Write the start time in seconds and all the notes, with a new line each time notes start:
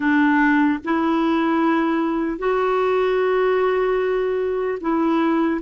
0.00 D4
0.84 E4
2.38 F#4
4.80 E4